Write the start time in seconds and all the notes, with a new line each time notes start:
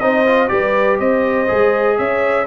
0.00 C4 D#4 C5 D#5
0.26 F4
0.48 G3 G4 B4 D5
0.99 C4 C5 D#5
1.47 G#3 G#4
1.98 C#4 C#5 E5